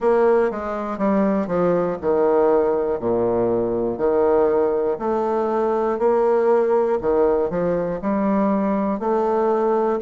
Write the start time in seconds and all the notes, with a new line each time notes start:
0.00 A#3
0.50 G#3
0.98 G3
1.47 F3
2.01 D#3
3.00 A#2
3.97 D#3
4.99 A3
5.99 A#3
7.00 D#3
7.50 F3
8.01 G3
9.00 A3